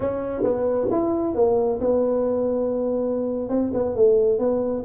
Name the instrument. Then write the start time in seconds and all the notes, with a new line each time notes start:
tuba
0.00 C#4
0.43 B3
0.90 E4
1.34 A#3
1.80 B3
3.49 C4
3.73 B3
3.95 A3
4.38 B3